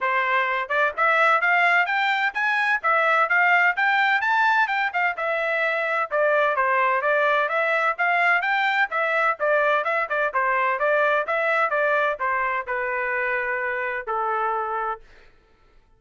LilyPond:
\new Staff \with { instrumentName = "trumpet" } { \time 4/4 \tempo 4 = 128 c''4. d''8 e''4 f''4 | g''4 gis''4 e''4 f''4 | g''4 a''4 g''8 f''8 e''4~ | e''4 d''4 c''4 d''4 |
e''4 f''4 g''4 e''4 | d''4 e''8 d''8 c''4 d''4 | e''4 d''4 c''4 b'4~ | b'2 a'2 | }